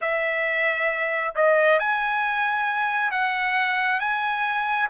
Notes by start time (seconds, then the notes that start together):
0.01 E5
1.35 D#5
1.79 G#5
3.11 F#5
3.99 G#5